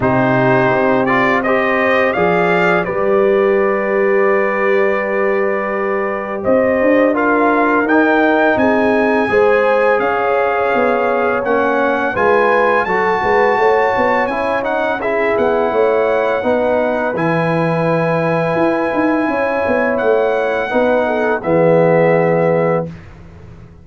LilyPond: <<
  \new Staff \with { instrumentName = "trumpet" } { \time 4/4 \tempo 4 = 84 c''4. d''8 dis''4 f''4 | d''1~ | d''4 dis''4 f''4 g''4 | gis''2 f''2 |
fis''4 gis''4 a''2 | gis''8 fis''8 e''8 fis''2~ fis''8 | gis''1 | fis''2 e''2 | }
  \new Staff \with { instrumentName = "horn" } { \time 4/4 g'2 c''4 d''4 | b'1~ | b'4 c''4 ais'2 | gis'4 c''4 cis''2~ |
cis''4 b'4 a'8 b'8 cis''4~ | cis''4 gis'4 cis''4 b'4~ | b'2. cis''4~ | cis''4 b'8 a'8 gis'2 | }
  \new Staff \with { instrumentName = "trombone" } { \time 4/4 dis'4. f'8 g'4 gis'4 | g'1~ | g'2 f'4 dis'4~ | dis'4 gis'2. |
cis'4 f'4 fis'2 | e'8 dis'8 e'2 dis'4 | e'1~ | e'4 dis'4 b2 | }
  \new Staff \with { instrumentName = "tuba" } { \time 4/4 c4 c'2 f4 | g1~ | g4 c'8 d'4. dis'4 | c'4 gis4 cis'4 b4 |
ais4 gis4 fis8 gis8 a8 b8 | cis'4. b8 a4 b4 | e2 e'8 dis'8 cis'8 b8 | a4 b4 e2 | }
>>